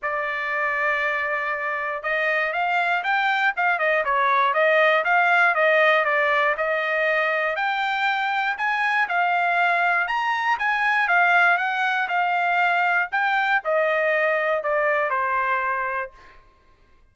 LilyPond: \new Staff \with { instrumentName = "trumpet" } { \time 4/4 \tempo 4 = 119 d''1 | dis''4 f''4 g''4 f''8 dis''8 | cis''4 dis''4 f''4 dis''4 | d''4 dis''2 g''4~ |
g''4 gis''4 f''2 | ais''4 gis''4 f''4 fis''4 | f''2 g''4 dis''4~ | dis''4 d''4 c''2 | }